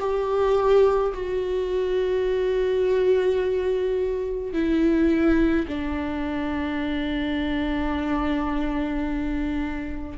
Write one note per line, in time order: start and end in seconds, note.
0.00 1.13 G4
1.14 4.53 F#4
4.53 5.67 E4
5.68 10.18 D4